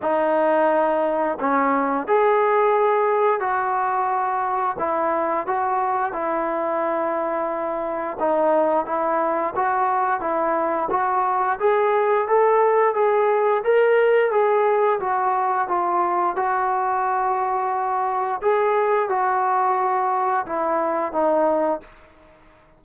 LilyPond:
\new Staff \with { instrumentName = "trombone" } { \time 4/4 \tempo 4 = 88 dis'2 cis'4 gis'4~ | gis'4 fis'2 e'4 | fis'4 e'2. | dis'4 e'4 fis'4 e'4 |
fis'4 gis'4 a'4 gis'4 | ais'4 gis'4 fis'4 f'4 | fis'2. gis'4 | fis'2 e'4 dis'4 | }